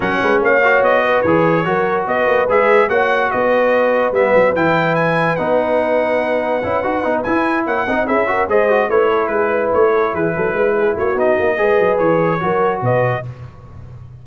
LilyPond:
<<
  \new Staff \with { instrumentName = "trumpet" } { \time 4/4 \tempo 4 = 145 fis''4 f''4 dis''4 cis''4~ | cis''4 dis''4 e''4 fis''4 | dis''2 e''4 g''4 | gis''4 fis''2.~ |
fis''4. gis''4 fis''4 e''8~ | e''8 dis''4 cis''4 b'4 cis''8~ | cis''8 b'2 cis''8 dis''4~ | dis''4 cis''2 dis''4 | }
  \new Staff \with { instrumentName = "horn" } { \time 4/4 ais'8 b'8 cis''4. b'4. | ais'4 b'2 cis''4 | b'1~ | b'1~ |
b'2~ b'8 cis''8 dis''8 gis'8 | ais'8 c''4 b'8 a'8 gis'8 b'4 | a'8 gis'8 a'8 b'8 gis'8 fis'4. | b'2 ais'4 b'4 | }
  \new Staff \with { instrumentName = "trombone" } { \time 4/4 cis'4. fis'4. gis'4 | fis'2 gis'4 fis'4~ | fis'2 b4 e'4~ | e'4 dis'2. |
e'8 fis'8 dis'8 e'4. dis'8 e'8 | fis'8 gis'8 fis'8 e'2~ e'8~ | e'2. dis'4 | gis'2 fis'2 | }
  \new Staff \with { instrumentName = "tuba" } { \time 4/4 fis8 gis8 ais4 b4 e4 | fis4 b8 ais8 gis4 ais4 | b2 g8 fis8 e4~ | e4 b2. |
cis'8 dis'8 b8 e'4 ais8 c'8 cis'8~ | cis'8 gis4 a4 gis4 a8~ | a8 e8 fis8 gis4 ais8 b8 ais8 | gis8 fis8 e4 fis4 b,4 | }
>>